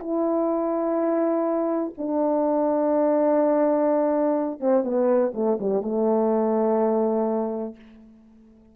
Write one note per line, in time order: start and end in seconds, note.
0.00 1.94 E4
1.98 4.61 D4
4.61 4.84 C4
4.84 5.33 B3
5.34 5.59 A3
5.60 5.82 G3
5.82 7.76 A3